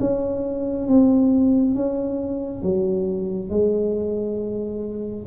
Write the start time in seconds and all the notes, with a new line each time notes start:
0.00 C#4
0.88 C4
1.75 C#4
2.62 F#3
3.49 G#3